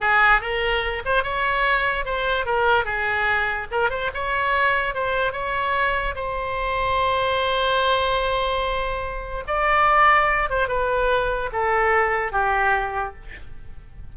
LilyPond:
\new Staff \with { instrumentName = "oboe" } { \time 4/4 \tempo 4 = 146 gis'4 ais'4. c''8 cis''4~ | cis''4 c''4 ais'4 gis'4~ | gis'4 ais'8 c''8 cis''2 | c''4 cis''2 c''4~ |
c''1~ | c''2. d''4~ | d''4. c''8 b'2 | a'2 g'2 | }